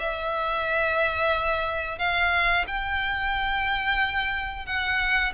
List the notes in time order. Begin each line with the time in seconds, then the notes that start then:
0.00 E5
1.99 F5
2.68 G5
4.66 F#5